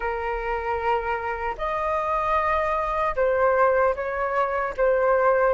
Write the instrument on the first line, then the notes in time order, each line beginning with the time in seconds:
flute
0.00 A#4
1.57 D#5
3.16 C5
3.95 C#5
4.77 C5